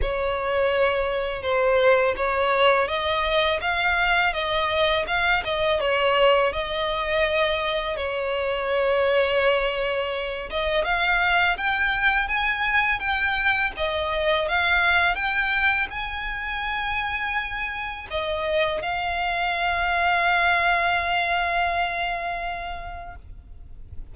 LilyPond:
\new Staff \with { instrumentName = "violin" } { \time 4/4 \tempo 4 = 83 cis''2 c''4 cis''4 | dis''4 f''4 dis''4 f''8 dis''8 | cis''4 dis''2 cis''4~ | cis''2~ cis''8 dis''8 f''4 |
g''4 gis''4 g''4 dis''4 | f''4 g''4 gis''2~ | gis''4 dis''4 f''2~ | f''1 | }